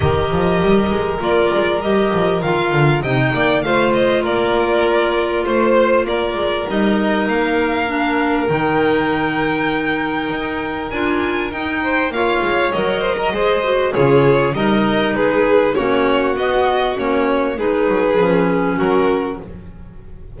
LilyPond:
<<
  \new Staff \with { instrumentName = "violin" } { \time 4/4 \tempo 4 = 99 dis''2 d''4 dis''4 | f''4 g''4 f''8 dis''8 d''4~ | d''4 c''4 d''4 dis''4 | f''2 g''2~ |
g''2 gis''4 g''4 | f''4 dis''2 cis''4 | dis''4 b'4 cis''4 dis''4 | cis''4 b'2 ais'4 | }
  \new Staff \with { instrumentName = "violin" } { \time 4/4 ais'1~ | ais'4 dis''8 d''8 c''4 ais'4~ | ais'4 c''4 ais'2~ | ais'1~ |
ais'2.~ ais'8 c''8 | cis''4. c''16 ais'16 c''4 gis'4 | ais'4 gis'4 fis'2~ | fis'4 gis'2 fis'4 | }
  \new Staff \with { instrumentName = "clarinet" } { \time 4/4 g'2 f'4 g'4 | f'4 dis'4 f'2~ | f'2. dis'4~ | dis'4 d'4 dis'2~ |
dis'2 f'4 dis'4 | f'4 ais'4 gis'8 fis'8 f'4 | dis'2 cis'4 b4 | cis'4 dis'4 cis'2 | }
  \new Staff \with { instrumentName = "double bass" } { \time 4/4 dis8 f8 g8 gis8 ais8 gis8 g8 f8 | dis8 d8 c8 ais8 a4 ais4~ | ais4 a4 ais8 gis8 g4 | ais2 dis2~ |
dis4 dis'4 d'4 dis'4 | ais8 gis8 fis4 gis4 cis4 | g4 gis4 ais4 b4 | ais4 gis8 fis8 f4 fis4 | }
>>